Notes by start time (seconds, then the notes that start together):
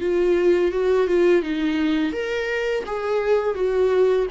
0.00 F4
0.71 F#4
1.07 F4
1.42 D#4
2.12 A#4
2.86 G#4
3.55 F#4